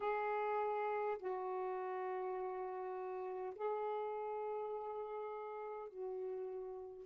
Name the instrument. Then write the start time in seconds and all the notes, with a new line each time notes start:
saxophone
0.00 G#4
1.18 F#4
3.55 G#4
5.88 F#4